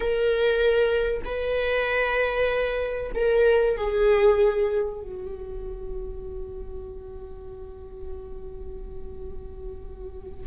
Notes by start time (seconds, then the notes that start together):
0.00 A#4
1.24 B4
3.14 A#4
3.76 G#4
5.01 F#4